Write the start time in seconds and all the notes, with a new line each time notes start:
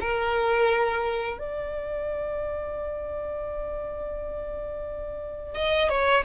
0.00 A#4
1.38 D5
5.55 D#5
5.89 C#5